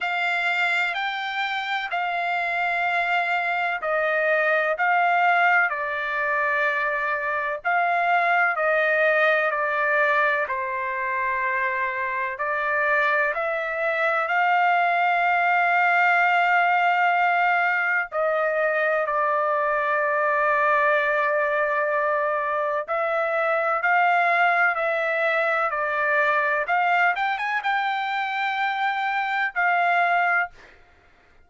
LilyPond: \new Staff \with { instrumentName = "trumpet" } { \time 4/4 \tempo 4 = 63 f''4 g''4 f''2 | dis''4 f''4 d''2 | f''4 dis''4 d''4 c''4~ | c''4 d''4 e''4 f''4~ |
f''2. dis''4 | d''1 | e''4 f''4 e''4 d''4 | f''8 g''16 gis''16 g''2 f''4 | }